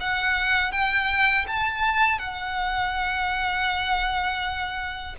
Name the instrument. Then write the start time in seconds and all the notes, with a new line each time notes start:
violin
0.00 F#5
0.72 G5
1.47 A5
2.18 F#5